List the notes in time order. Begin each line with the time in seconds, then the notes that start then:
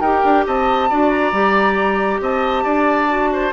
0.00 D#4 G4 A#4 G5
0.24 D4
0.46 C4 D#5 A5
0.89 D4 F#4 D5
1.10 A#5
1.32 G3 G4
2.20 C4 D#5 A5
2.64 D4 D5
3.08 F#4
3.32 C5